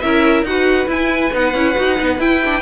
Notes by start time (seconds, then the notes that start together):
0.00 C#4 E4 A#4 E5
0.42 D#4 F#4 F#5
0.49 B4
0.87 E4 G#5
1.32 B3 D#4 F#5
1.54 C#4 E4
1.75 D#4 F#4
1.96 B3 D#4
2.18 E4 G5
2.45 D4